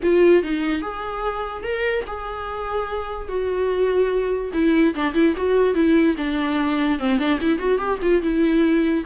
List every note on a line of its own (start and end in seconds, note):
0.02 0.42 F4
0.42 0.81 D#4
0.81 1.63 G#4
1.63 2.04 A#4
2.07 3.28 G#4
3.28 4.51 F#4
4.53 4.94 E4
4.94 5.14 D4
5.14 5.34 E4
5.36 5.74 F#4
5.74 6.15 E4
6.17 6.99 D4
6.99 7.18 C4
7.18 7.39 D4
7.40 7.59 E4
7.59 7.78 F#4
7.78 7.99 G4
8.02 8.22 F4
8.22 9.04 E4